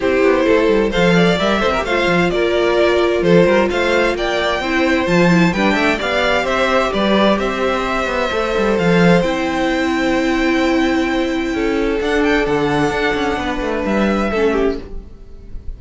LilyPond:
<<
  \new Staff \with { instrumentName = "violin" } { \time 4/4 \tempo 4 = 130 c''2 f''4 e''4 | f''4 d''2 c''4 | f''4 g''2 a''4 | g''4 f''4 e''4 d''4 |
e''2. f''4 | g''1~ | g''2 fis''8 g''8 fis''4~ | fis''2 e''2 | }
  \new Staff \with { instrumentName = "violin" } { \time 4/4 g'4 a'4 c''8 d''4 c''16 ais'16 | c''4 ais'2 a'8 ais'8 | c''4 d''4 c''2 | b'8 e''8 d''4 c''4 b'4 |
c''1~ | c''1~ | c''4 a'2.~ | a'4 b'2 a'8 g'8 | }
  \new Staff \with { instrumentName = "viola" } { \time 4/4 e'2 a'4 ais'8 a'16 g'16 | f'1~ | f'2 e'4 f'8 e'8 | d'4 g'2.~ |
g'2 a'2 | e'1~ | e'2 d'2~ | d'2. cis'4 | }
  \new Staff \with { instrumentName = "cello" } { \time 4/4 c'8 b8 a8 g8 f4 g8 c'8 | a8 f8 ais2 f8 g8 | a4 ais4 c'4 f4 | g8 a8 b4 c'4 g4 |
c'4. b8 a8 g8 f4 | c'1~ | c'4 cis'4 d'4 d4 | d'8 cis'8 b8 a8 g4 a4 | }
>>